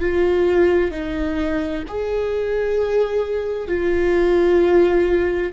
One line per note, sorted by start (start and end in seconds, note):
0.00 0.91 F4
0.91 1.83 D#4
1.88 3.68 G#4
3.68 5.52 F4